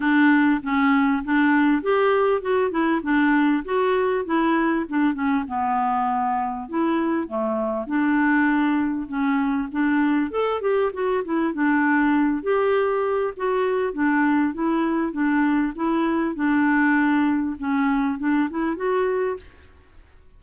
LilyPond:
\new Staff \with { instrumentName = "clarinet" } { \time 4/4 \tempo 4 = 99 d'4 cis'4 d'4 g'4 | fis'8 e'8 d'4 fis'4 e'4 | d'8 cis'8 b2 e'4 | a4 d'2 cis'4 |
d'4 a'8 g'8 fis'8 e'8 d'4~ | d'8 g'4. fis'4 d'4 | e'4 d'4 e'4 d'4~ | d'4 cis'4 d'8 e'8 fis'4 | }